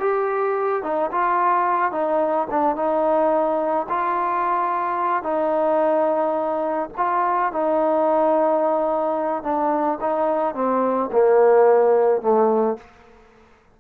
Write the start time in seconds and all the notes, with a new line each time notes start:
0.00 G4
0.83 D#4
1.12 F4
1.92 D#4
2.50 D4
2.76 D#4
3.89 F4
5.23 D#4
6.97 F4
7.52 D#4
9.43 D4
10.01 D#4
10.55 C4
11.12 A#3
12.21 A3